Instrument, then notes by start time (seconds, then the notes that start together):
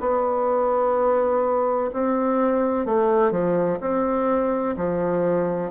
bassoon
0.00 B3
1.94 C4
2.86 A3
3.32 F3
3.81 C4
4.77 F3